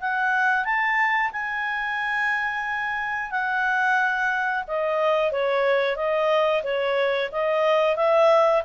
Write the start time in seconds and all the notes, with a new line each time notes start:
0.00 F#5
0.65 A5
1.32 G#5
3.31 F#5
4.67 D#5
5.32 C#5
5.96 D#5
6.63 C#5
7.32 D#5
7.96 E5